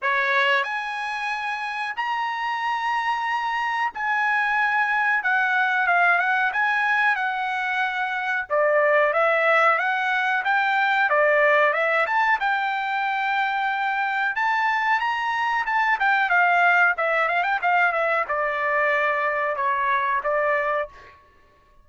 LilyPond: \new Staff \with { instrumentName = "trumpet" } { \time 4/4 \tempo 4 = 92 cis''4 gis''2 ais''4~ | ais''2 gis''2 | fis''4 f''8 fis''8 gis''4 fis''4~ | fis''4 d''4 e''4 fis''4 |
g''4 d''4 e''8 a''8 g''4~ | g''2 a''4 ais''4 | a''8 g''8 f''4 e''8 f''16 g''16 f''8 e''8 | d''2 cis''4 d''4 | }